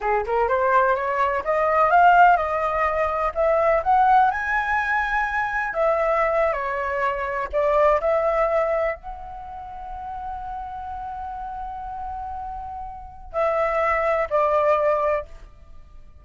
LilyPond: \new Staff \with { instrumentName = "flute" } { \time 4/4 \tempo 4 = 126 gis'8 ais'8 c''4 cis''4 dis''4 | f''4 dis''2 e''4 | fis''4 gis''2. | e''4.~ e''16 cis''2 d''16~ |
d''8. e''2 fis''4~ fis''16~ | fis''1~ | fis''1 | e''2 d''2 | }